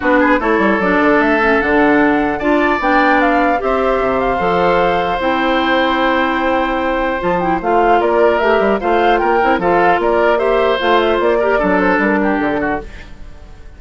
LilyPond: <<
  \new Staff \with { instrumentName = "flute" } { \time 4/4 \tempo 4 = 150 b'4 cis''4 d''4 e''4 | fis''2 a''4 g''4 | f''4 e''4. f''4.~ | f''4 g''2.~ |
g''2 a''8 g''8 f''4 | d''4 e''4 f''4 g''4 | f''4 d''4 e''4 f''8 e''8 | d''4. c''8 ais'4 a'4 | }
  \new Staff \with { instrumentName = "oboe" } { \time 4/4 fis'8 gis'8 a'2.~ | a'2 d''2~ | d''4 c''2.~ | c''1~ |
c''1 | ais'2 c''4 ais'4 | a'4 ais'4 c''2~ | c''8 ais'8 a'4. g'4 fis'8 | }
  \new Staff \with { instrumentName = "clarinet" } { \time 4/4 d'4 e'4 d'4. cis'8 | d'2 f'4 d'4~ | d'4 g'2 a'4~ | a'4 e'2.~ |
e'2 f'8 e'8 f'4~ | f'4 g'4 f'4. e'8 | f'2 g'4 f'4~ | f'8 g'8 d'2. | }
  \new Staff \with { instrumentName = "bassoon" } { \time 4/4 b4 a8 g8 fis8 d8 a4 | d2 d'4 b4~ | b4 c'4 c4 f4~ | f4 c'2.~ |
c'2 f4 a4 | ais4 a8 g8 a4 ais8 c'8 | f4 ais2 a4 | ais4 fis4 g4 d4 | }
>>